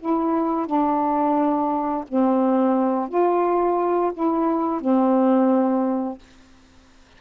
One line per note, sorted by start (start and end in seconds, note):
0.00 0.66 E4
0.66 2.04 D4
2.08 3.09 C4
3.09 4.12 F4
4.14 4.81 E4
4.81 6.19 C4